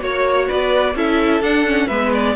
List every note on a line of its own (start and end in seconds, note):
0.00 0.48 A#3
0.00 0.94 F#4
0.00 0.48 C#5
0.00 0.49 C#5
0.48 0.95 B3
0.48 0.95 B4
0.48 0.96 D5
0.95 1.41 C#4
0.95 1.42 E4
0.95 1.87 A4
0.95 1.43 E5
1.41 1.87 D4
1.41 1.65 D4
1.41 1.88 F#5
1.65 1.89 C#4
1.87 2.36 G#3
1.87 2.36 B3
1.87 2.34 B4
1.87 2.11 E5
2.13 2.36 D5